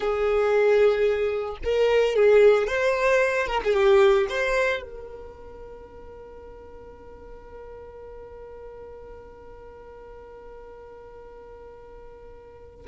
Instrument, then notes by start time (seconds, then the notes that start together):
violin
0.00 G#4
1.63 A#4
2.15 G#4
2.67 C5
3.47 A#4
3.64 G#4
3.73 G4
4.29 C5
4.82 A#4